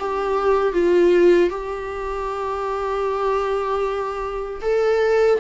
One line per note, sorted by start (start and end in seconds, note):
0.00 0.73 G4
0.73 1.50 F4
1.50 4.62 G4
4.62 5.39 A4